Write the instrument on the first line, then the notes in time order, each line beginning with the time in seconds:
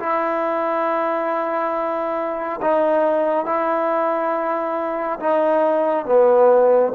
trombone
0.00 E4
2.62 D#4
3.46 E4
5.20 D#4
6.06 B3